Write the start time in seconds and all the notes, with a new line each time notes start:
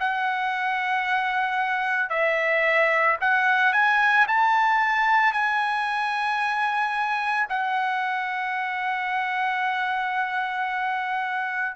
0.00 F#5
2.10 E5
3.21 F#5
3.73 G#5
4.28 A5
5.33 G#5
7.50 F#5